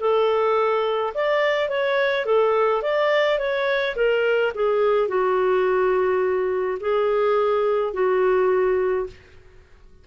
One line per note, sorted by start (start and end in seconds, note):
0.00 1.13 A4
1.14 1.69 D5
1.69 2.25 C#5
2.25 2.82 A4
2.82 3.39 D5
3.39 3.95 C#5
3.96 4.53 A#4
4.54 5.08 G#4
5.08 6.78 F#4
6.80 7.93 G#4
7.93 9.07 F#4